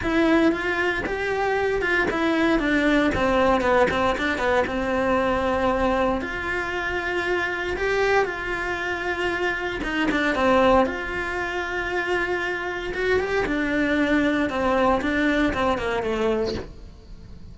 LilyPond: \new Staff \with { instrumentName = "cello" } { \time 4/4 \tempo 4 = 116 e'4 f'4 g'4. f'8 | e'4 d'4 c'4 b8 c'8 | d'8 b8 c'2. | f'2. g'4 |
f'2. dis'8 d'8 | c'4 f'2.~ | f'4 fis'8 g'8 d'2 | c'4 d'4 c'8 ais8 a4 | }